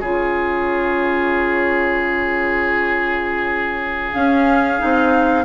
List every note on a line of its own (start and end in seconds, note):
0.00 4.13 C#3
0.00 4.13 F4
0.00 5.44 G#4
0.00 4.13 C#5
4.13 4.78 C#4
4.13 4.80 C#4
4.13 5.45 F5
4.78 5.45 C4
4.78 5.44 D#4